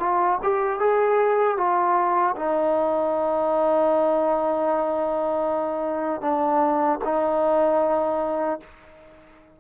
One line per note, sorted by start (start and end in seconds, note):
0.00 0.39 F4
0.43 0.80 G4
0.80 1.58 G#4
1.58 2.36 F4
2.36 6.22 D#4
6.22 7.00 D4
7.04 8.60 D#4